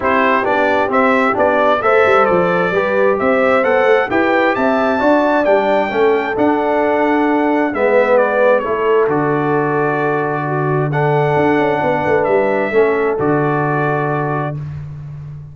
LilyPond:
<<
  \new Staff \with { instrumentName = "trumpet" } { \time 4/4 \tempo 4 = 132 c''4 d''4 e''4 d''4 | e''4 d''2 e''4 | fis''4 g''4 a''2 | g''2 fis''2~ |
fis''4 e''4 d''4 cis''4 | d''1 | fis''2. e''4~ | e''4 d''2. | }
  \new Staff \with { instrumentName = "horn" } { \time 4/4 g'1 | c''2 b'4 c''4~ | c''4 b'4 e''4 d''4~ | d''4 a'2.~ |
a'4 b'2 a'4~ | a'2. fis'4 | a'2 b'2 | a'1 | }
  \new Staff \with { instrumentName = "trombone" } { \time 4/4 e'4 d'4 c'4 d'4 | a'2 g'2 | a'4 g'2 fis'4 | d'4 cis'4 d'2~ |
d'4 b2 e'4 | fis'1 | d'1 | cis'4 fis'2. | }
  \new Staff \with { instrumentName = "tuba" } { \time 4/4 c'4 b4 c'4 b4 | a8 g8 f4 g4 c'4 | b8 a8 e'4 c'4 d'4 | g4 a4 d'2~ |
d'4 gis2 a4 | d1~ | d4 d'8 cis'8 b8 a8 g4 | a4 d2. | }
>>